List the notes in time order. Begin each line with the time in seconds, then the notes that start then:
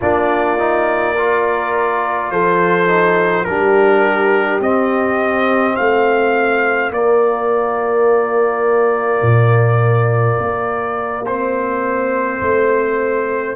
0.00 A#3 D4 F4 D5
0.58 D#4
1.14 F4 A#4
2.30 F3 A4 C5
2.87 D#4
3.44 G3 D4 G4 A#4
4.60 C4 D#5
5.75 A3 F4 F5
6.89 A#3 D5
9.22 A#2
10.38 A#3
11.26 C4 C5
12.41 A3